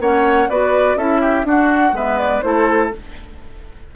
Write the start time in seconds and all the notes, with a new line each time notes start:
0.00 A#3 C#4 C#5 F#5
0.50 B3 F#4 B4 D5
0.96 C#4 E4 A4 E5
1.21 G4
1.44 D4 F#4 F#5
1.92 G#3 B3 B4 E5
2.19 D5
2.42 A3 E4 A4 C5